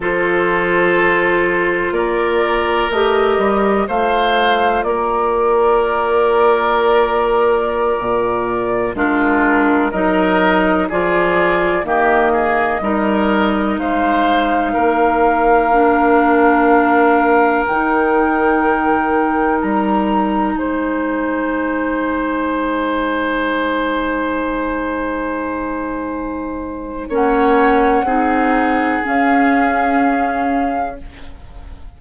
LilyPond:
<<
  \new Staff \with { instrumentName = "flute" } { \time 4/4 \tempo 4 = 62 c''2 d''4 dis''4 | f''4 d''2.~ | d''4~ d''16 ais'4 dis''4 d''8.~ | d''16 dis''2 f''4.~ f''16~ |
f''2~ f''16 g''4.~ g''16~ | g''16 ais''4 gis''2~ gis''8.~ | gis''1 | fis''2 f''2 | }
  \new Staff \with { instrumentName = "oboe" } { \time 4/4 a'2 ais'2 | c''4 ais'2.~ | ais'4~ ais'16 f'4 ais'4 gis'8.~ | gis'16 g'8 gis'8 ais'4 c''4 ais'8.~ |
ais'1~ | ais'4~ ais'16 c''2~ c''8.~ | c''1 | cis''4 gis'2. | }
  \new Staff \with { instrumentName = "clarinet" } { \time 4/4 f'2. g'4 | f'1~ | f'4~ f'16 d'4 dis'4 f'8.~ | f'16 ais4 dis'2~ dis'8.~ |
dis'16 d'2 dis'4.~ dis'16~ | dis'1~ | dis'1 | cis'4 dis'4 cis'2 | }
  \new Staff \with { instrumentName = "bassoon" } { \time 4/4 f2 ais4 a8 g8 | a4 ais2.~ | ais16 ais,4 gis4 fis4 f8.~ | f16 dis4 g4 gis4 ais8.~ |
ais2~ ais16 dis4.~ dis16~ | dis16 g4 gis2~ gis8.~ | gis1 | ais4 c'4 cis'2 | }
>>